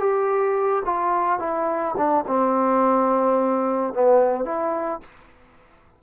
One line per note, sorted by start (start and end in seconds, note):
0.00 0.83 G4
0.86 1.39 F4
1.39 1.95 E4
1.97 2.25 D4
2.28 3.94 C4
3.94 4.45 B3
4.45 5.01 E4